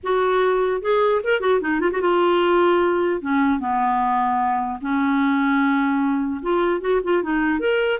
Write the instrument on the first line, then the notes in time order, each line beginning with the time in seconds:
clarinet
0.03 F#4
0.81 G#4
1.23 A#4
1.40 F#4
1.60 D#4
1.80 F4
1.91 F#4
2.01 F4
3.21 C#4
3.59 B3
4.81 C#4
6.42 F4
6.80 F#4
7.03 F4
7.23 D#4
7.59 A#4